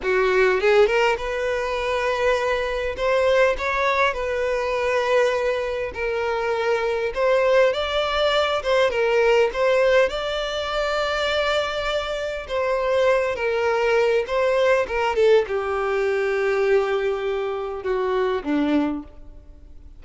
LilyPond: \new Staff \with { instrumentName = "violin" } { \time 4/4 \tempo 4 = 101 fis'4 gis'8 ais'8 b'2~ | b'4 c''4 cis''4 b'4~ | b'2 ais'2 | c''4 d''4. c''8 ais'4 |
c''4 d''2.~ | d''4 c''4. ais'4. | c''4 ais'8 a'8 g'2~ | g'2 fis'4 d'4 | }